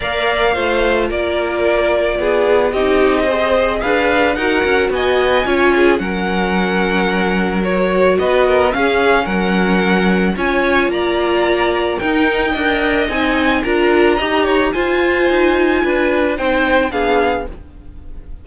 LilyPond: <<
  \new Staff \with { instrumentName = "violin" } { \time 4/4 \tempo 4 = 110 f''2 d''2~ | d''4 dis''2 f''4 | fis''4 gis''2 fis''4~ | fis''2 cis''4 dis''4 |
f''4 fis''2 gis''4 | ais''2 g''2 | gis''4 ais''2 gis''4~ | gis''2 g''4 f''4 | }
  \new Staff \with { instrumentName = "violin" } { \time 4/4 d''4 c''4 ais'2 | gis'4 g'4 c''4 b'4 | ais'4 dis''4 cis''8 gis'8 ais'4~ | ais'2. b'8 ais'8 |
gis'4 ais'2 cis''4 | d''2 ais'4 dis''4~ | dis''4 ais'4 dis''8 cis''8 c''4~ | c''4 b'4 c''4 gis'4 | }
  \new Staff \with { instrumentName = "viola" } { \time 4/4 ais'4 f'2.~ | f'4 dis'4 gis'2 | fis'2 f'4 cis'4~ | cis'2 fis'2 |
cis'2. f'4~ | f'2 dis'4 ais'4 | dis'4 f'4 g'4 f'4~ | f'2 dis'4 d'4 | }
  \new Staff \with { instrumentName = "cello" } { \time 4/4 ais4 a4 ais2 | b4 c'2 d'4 | dis'8 cis'8 b4 cis'4 fis4~ | fis2. b4 |
cis'4 fis2 cis'4 | ais2 dis'4 d'4 | c'4 d'4 dis'4 f'4 | dis'4 d'4 c'4 b4 | }
>>